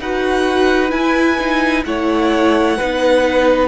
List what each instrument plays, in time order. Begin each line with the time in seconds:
0.00 cello D#4, viola F#4, violin B4 F#5
0.90 viola E4, cello E4, violin G#5
1.40 viola D#4
1.86 cello A3, viola E4, violin C#5 F#5
2.78 cello B3, viola D#4, violin B4